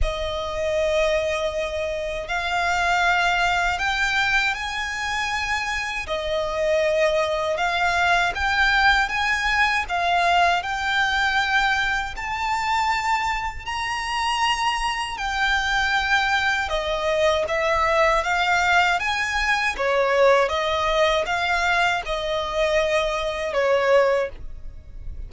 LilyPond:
\new Staff \with { instrumentName = "violin" } { \time 4/4 \tempo 4 = 79 dis''2. f''4~ | f''4 g''4 gis''2 | dis''2 f''4 g''4 | gis''4 f''4 g''2 |
a''2 ais''2 | g''2 dis''4 e''4 | f''4 gis''4 cis''4 dis''4 | f''4 dis''2 cis''4 | }